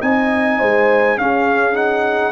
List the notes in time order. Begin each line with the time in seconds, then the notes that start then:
0.00 C4 D#4 D#5 G#5
0.58 G#3 C5
1.17 C#4 G#4 F5
1.74 D#4 F#5